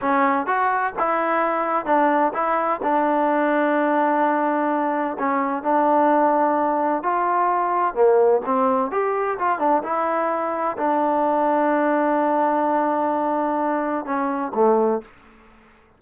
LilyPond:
\new Staff \with { instrumentName = "trombone" } { \time 4/4 \tempo 4 = 128 cis'4 fis'4 e'2 | d'4 e'4 d'2~ | d'2. cis'4 | d'2. f'4~ |
f'4 ais4 c'4 g'4 | f'8 d'8 e'2 d'4~ | d'1~ | d'2 cis'4 a4 | }